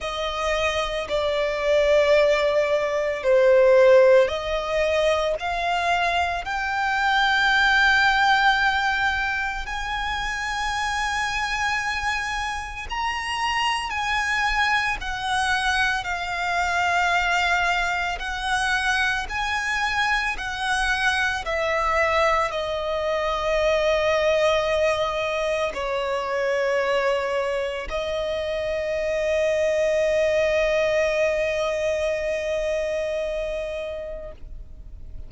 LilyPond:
\new Staff \with { instrumentName = "violin" } { \time 4/4 \tempo 4 = 56 dis''4 d''2 c''4 | dis''4 f''4 g''2~ | g''4 gis''2. | ais''4 gis''4 fis''4 f''4~ |
f''4 fis''4 gis''4 fis''4 | e''4 dis''2. | cis''2 dis''2~ | dis''1 | }